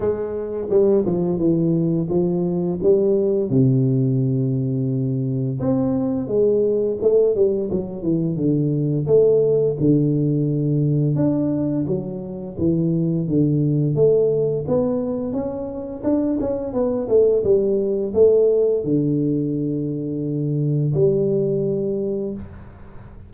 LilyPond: \new Staff \with { instrumentName = "tuba" } { \time 4/4 \tempo 4 = 86 gis4 g8 f8 e4 f4 | g4 c2. | c'4 gis4 a8 g8 fis8 e8 | d4 a4 d2 |
d'4 fis4 e4 d4 | a4 b4 cis'4 d'8 cis'8 | b8 a8 g4 a4 d4~ | d2 g2 | }